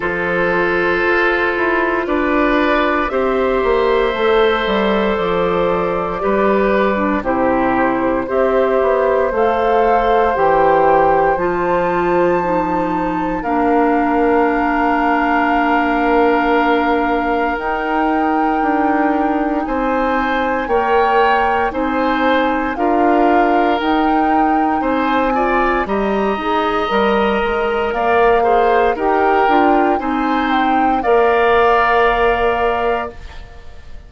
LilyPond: <<
  \new Staff \with { instrumentName = "flute" } { \time 4/4 \tempo 4 = 58 c''2 d''4 e''4~ | e''4 d''2 c''4 | e''4 f''4 g''4 a''4~ | a''4 f''2.~ |
f''4 g''2 gis''4 | g''4 gis''4 f''4 g''4 | gis''4 ais''2 f''4 | g''4 gis''8 g''8 f''2 | }
  \new Staff \with { instrumentName = "oboe" } { \time 4/4 a'2 b'4 c''4~ | c''2 b'4 g'4 | c''1~ | c''4 ais'2.~ |
ais'2. c''4 | cis''4 c''4 ais'2 | c''8 d''8 dis''2 d''8 c''8 | ais'4 c''4 d''2 | }
  \new Staff \with { instrumentName = "clarinet" } { \time 4/4 f'2. g'4 | a'2 g'8. d'16 e'4 | g'4 a'4 g'4 f'4 | dis'4 d'2.~ |
d'4 dis'2. | ais'4 dis'4 f'4 dis'4~ | dis'8 f'8 g'8 gis'8 ais'4. gis'8 | g'8 f'8 dis'4 ais'2 | }
  \new Staff \with { instrumentName = "bassoon" } { \time 4/4 f4 f'8 e'8 d'4 c'8 ais8 | a8 g8 f4 g4 c4 | c'8 b8 a4 e4 f4~ | f4 ais2.~ |
ais4 dis'4 d'4 c'4 | ais4 c'4 d'4 dis'4 | c'4 g8 dis'8 g8 gis8 ais4 | dis'8 d'8 c'4 ais2 | }
>>